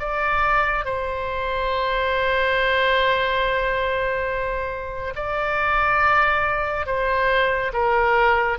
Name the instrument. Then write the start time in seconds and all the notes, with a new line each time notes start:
oboe
0.00 D5
0.86 C5
5.16 D5
6.87 C5
7.73 A#4